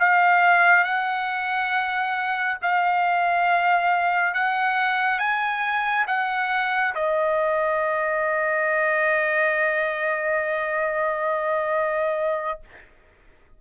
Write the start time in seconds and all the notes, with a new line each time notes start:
0.00 F5
0.84 F#5
2.62 F5
4.34 F#5
5.19 G#5
6.08 F#5
6.95 D#5